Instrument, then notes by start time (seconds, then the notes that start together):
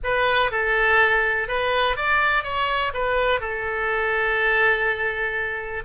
oboe
0.03 B4
0.51 A4
1.48 B4
1.96 D5
2.43 C#5
2.93 B4
3.40 A4